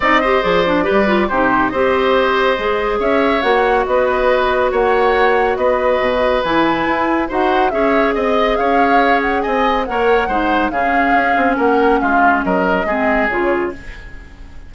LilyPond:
<<
  \new Staff \with { instrumentName = "flute" } { \time 4/4 \tempo 4 = 140 dis''4 d''2 c''4 | dis''2. e''4 | fis''4 dis''2 fis''4~ | fis''4 dis''2 gis''4~ |
gis''4 fis''4 e''4 dis''4 | f''4. fis''8 gis''4 fis''4~ | fis''4 f''2 fis''4 | f''4 dis''2 cis''4 | }
  \new Staff \with { instrumentName = "oboe" } { \time 4/4 d''8 c''4. b'4 g'4 | c''2. cis''4~ | cis''4 b'2 cis''4~ | cis''4 b'2.~ |
b'4 c''4 cis''4 dis''4 | cis''2 dis''4 cis''4 | c''4 gis'2 ais'4 | f'4 ais'4 gis'2 | }
  \new Staff \with { instrumentName = "clarinet" } { \time 4/4 dis'8 g'8 gis'8 d'8 g'8 f'8 dis'4 | g'2 gis'2 | fis'1~ | fis'2. e'4~ |
e'4 fis'4 gis'2~ | gis'2. ais'4 | dis'4 cis'2.~ | cis'2 c'4 f'4 | }
  \new Staff \with { instrumentName = "bassoon" } { \time 4/4 c'4 f4 g4 c4 | c'2 gis4 cis'4 | ais4 b2 ais4~ | ais4 b4 b,4 e4 |
e'4 dis'4 cis'4 c'4 | cis'2 c'4 ais4 | gis4 cis4 cis'8 c'8 ais4 | gis4 fis4 gis4 cis4 | }
>>